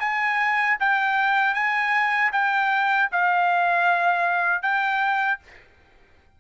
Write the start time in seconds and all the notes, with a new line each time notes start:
0.00 G#5
0.79 G5
1.54 G#5
2.32 G5
3.12 F5
4.62 G5